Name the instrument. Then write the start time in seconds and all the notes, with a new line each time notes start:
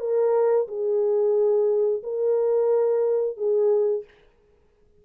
horn
0.00 A#4
0.68 G#4
2.03 A#4
3.37 G#4